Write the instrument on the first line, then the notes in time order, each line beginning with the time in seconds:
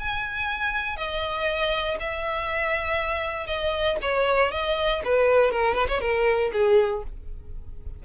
violin
0.00 G#5
0.97 D#5
2.00 E5
3.47 D#5
4.02 C#5
4.52 D#5
5.05 B4
5.52 A#4
5.75 B4
5.89 C#5
6.01 A#4
6.53 G#4